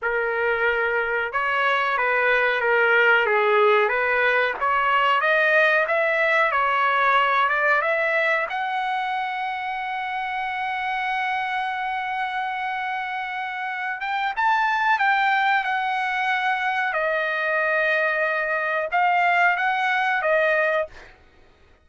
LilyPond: \new Staff \with { instrumentName = "trumpet" } { \time 4/4 \tempo 4 = 92 ais'2 cis''4 b'4 | ais'4 gis'4 b'4 cis''4 | dis''4 e''4 cis''4. d''8 | e''4 fis''2.~ |
fis''1~ | fis''4. g''8 a''4 g''4 | fis''2 dis''2~ | dis''4 f''4 fis''4 dis''4 | }